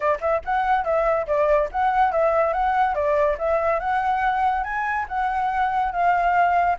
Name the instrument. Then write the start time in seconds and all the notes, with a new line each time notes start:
flute
0.00 D5
0.20 E5
0.45 F#5
0.84 E5
1.26 D5
1.71 F#5
2.12 E5
2.53 F#5
2.95 D5
3.38 E5
3.79 F#5
4.63 G#5
5.08 F#5
5.92 F5